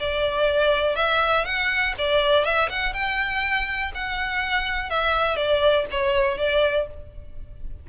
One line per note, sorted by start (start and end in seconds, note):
0.00 0.96 D5
0.96 1.45 E5
1.45 1.94 F#5
1.99 2.45 D5
2.45 2.69 E5
2.70 2.94 F#5
2.94 3.92 G5
3.95 4.90 F#5
4.90 5.37 E5
5.37 5.86 D5
5.91 6.38 C#5
6.38 6.87 D5